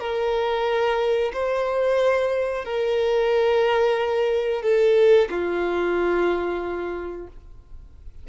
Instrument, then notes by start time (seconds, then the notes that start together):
violin
0.00 A#4
1.33 C5
2.65 A#4
4.62 A4
5.30 F4